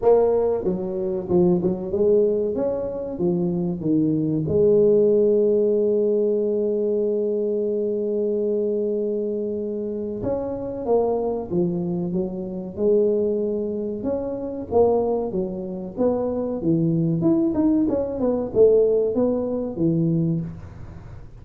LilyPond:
\new Staff \with { instrumentName = "tuba" } { \time 4/4 \tempo 4 = 94 ais4 fis4 f8 fis8 gis4 | cis'4 f4 dis4 gis4~ | gis1~ | gis1 |
cis'4 ais4 f4 fis4 | gis2 cis'4 ais4 | fis4 b4 e4 e'8 dis'8 | cis'8 b8 a4 b4 e4 | }